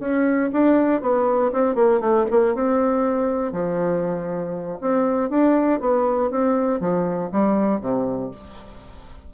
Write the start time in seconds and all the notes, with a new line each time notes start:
0.00 C#4
0.53 D4
1.02 B3
1.53 C4
1.76 A#3
2.01 A3
2.31 A#3
2.55 C4
3.53 F3
4.82 C4
5.30 D4
5.81 B3
6.31 C4
6.81 F3
7.32 G3
7.81 C3